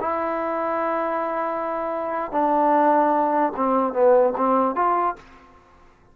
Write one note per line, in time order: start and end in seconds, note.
0.00 2.32 E4
2.32 3.53 D4
3.56 3.93 C4
3.93 4.33 B3
4.37 4.75 C4
4.75 5.16 F4